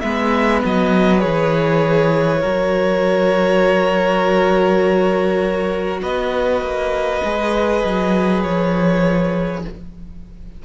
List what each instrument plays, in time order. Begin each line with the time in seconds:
0.00 cello G#3, viola B3, violin B4 E5
0.65 cello F#3, violin D#5
1.18 viola G#4, violin C#5
1.24 cello E3
2.40 cello F#3, viola F#4, violin A#4
6.02 cello B3, violin B4 D#5
6.61 cello A#3
7.24 cello G#3, viola G#4
7.84 cello F#3
8.42 cello F3, violin C#5